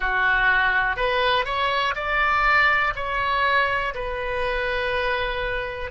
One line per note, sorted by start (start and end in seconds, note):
0.00 0.96 F#4
0.96 1.45 B4
1.45 1.94 C#5
1.95 2.93 D5
2.95 3.93 C#5
3.94 5.91 B4